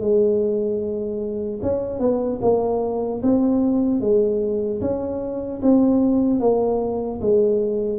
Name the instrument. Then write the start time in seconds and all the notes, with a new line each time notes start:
tuba
0.00 G#3
1.62 C#4
2.00 B3
2.41 A#3
3.23 C4
4.00 G#3
4.81 C#4
5.62 C4
6.40 A#3
7.21 G#3